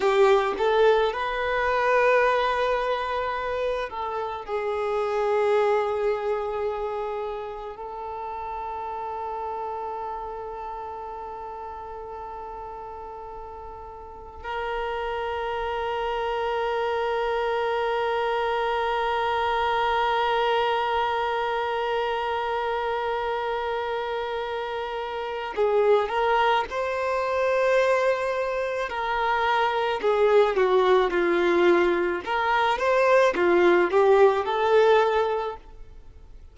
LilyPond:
\new Staff \with { instrumentName = "violin" } { \time 4/4 \tempo 4 = 54 g'8 a'8 b'2~ b'8 a'8 | gis'2. a'4~ | a'1~ | a'4 ais'2.~ |
ais'1~ | ais'2. gis'8 ais'8 | c''2 ais'4 gis'8 fis'8 | f'4 ais'8 c''8 f'8 g'8 a'4 | }